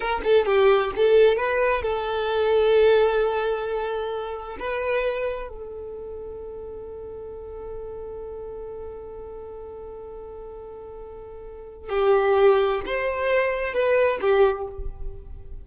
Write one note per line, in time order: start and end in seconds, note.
0.00 0.21 A#4
0.24 0.45 A4
0.45 0.91 G4
0.96 1.36 A4
1.36 1.82 B4
1.82 4.57 A4
4.59 5.48 B4
5.48 11.89 A4
11.89 12.80 G4
12.86 13.73 C5
13.73 14.19 B4
14.21 14.67 G4